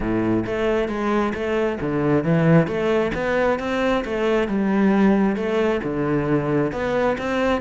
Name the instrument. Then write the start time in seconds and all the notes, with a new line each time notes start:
cello
0.00 A2
0.45 A3
0.88 G#3
1.34 A3
1.80 D3
2.24 E3
2.67 A3
3.14 B3
3.59 C4
4.04 A3
4.48 G3
5.35 A3
5.83 D3
6.72 B3
7.18 C4